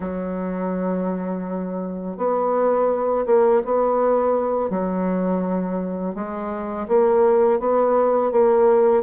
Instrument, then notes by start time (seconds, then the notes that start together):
bassoon
0.00 F#3
2.17 B3
3.25 A#3
3.64 B3
4.70 F#3
6.14 G#3
6.88 A#3
7.59 B3
8.31 A#3